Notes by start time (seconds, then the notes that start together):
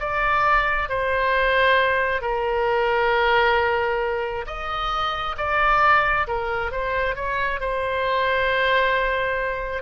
0.00 D5
0.89 C5
2.21 A#4
4.47 D#5
5.37 D5
6.28 A#4
6.72 C5
7.15 C#5
7.60 C5